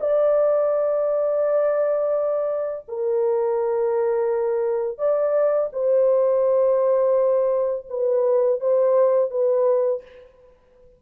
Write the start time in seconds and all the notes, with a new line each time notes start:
0.00 D5
2.88 A#4
4.98 D5
5.72 C5
7.89 B4
8.60 C5
9.31 B4